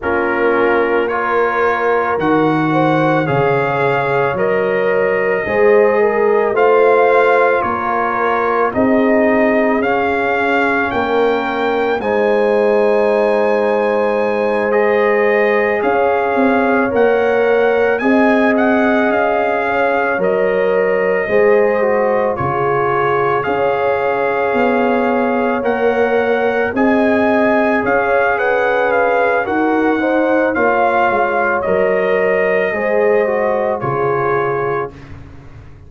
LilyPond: <<
  \new Staff \with { instrumentName = "trumpet" } { \time 4/4 \tempo 4 = 55 ais'4 cis''4 fis''4 f''4 | dis''2 f''4 cis''4 | dis''4 f''4 g''4 gis''4~ | gis''4. dis''4 f''4 fis''8~ |
fis''8 gis''8 fis''8 f''4 dis''4.~ | dis''8 cis''4 f''2 fis''8~ | fis''8 gis''4 f''8 fis''8 f''8 fis''4 | f''4 dis''2 cis''4 | }
  \new Staff \with { instrumentName = "horn" } { \time 4/4 f'4 ais'4. c''8 cis''4~ | cis''4 c''8 ais'8 c''4 ais'4 | gis'2 ais'4 c''4~ | c''2~ c''8 cis''4.~ |
cis''8 dis''4. cis''4. c''8~ | c''8 gis'4 cis''2~ cis''8~ | cis''8 dis''4 cis''8 b'4 ais'8 c''8 | cis''2 c''4 gis'4 | }
  \new Staff \with { instrumentName = "trombone" } { \time 4/4 cis'4 f'4 fis'4 gis'4 | ais'4 gis'4 f'2 | dis'4 cis'2 dis'4~ | dis'4. gis'2 ais'8~ |
ais'8 gis'2 ais'4 gis'8 | fis'8 f'4 gis'2 ais'8~ | ais'8 gis'2~ gis'8 fis'8 dis'8 | f'4 ais'4 gis'8 fis'8 f'4 | }
  \new Staff \with { instrumentName = "tuba" } { \time 4/4 ais2 dis4 cis4 | fis4 gis4 a4 ais4 | c'4 cis'4 ais4 gis4~ | gis2~ gis8 cis'8 c'8 ais8~ |
ais8 c'4 cis'4 fis4 gis8~ | gis8 cis4 cis'4 b4 ais8~ | ais8 c'4 cis'4. dis'4 | ais8 gis8 fis4 gis4 cis4 | }
>>